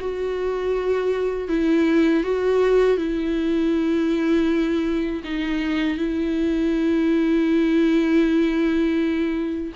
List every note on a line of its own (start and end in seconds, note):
0.00 1.48 F#4
1.48 2.23 E4
2.24 2.97 F#4
2.97 5.22 E4
5.24 5.98 D#4
5.98 9.73 E4